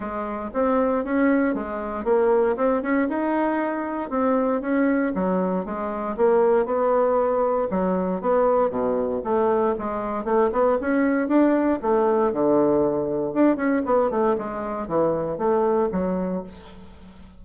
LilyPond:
\new Staff \with { instrumentName = "bassoon" } { \time 4/4 \tempo 4 = 117 gis4 c'4 cis'4 gis4 | ais4 c'8 cis'8 dis'2 | c'4 cis'4 fis4 gis4 | ais4 b2 fis4 |
b4 b,4 a4 gis4 | a8 b8 cis'4 d'4 a4 | d2 d'8 cis'8 b8 a8 | gis4 e4 a4 fis4 | }